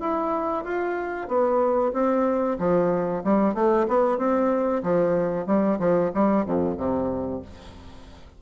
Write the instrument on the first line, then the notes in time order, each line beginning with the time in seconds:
bassoon
0.00 E4
0.64 F4
1.28 B3
1.93 C4
2.59 F3
3.24 G3
3.54 A3
3.88 B3
4.18 C4
4.83 F3
5.46 G3
5.79 F3
6.14 G3
6.46 F2
6.77 C3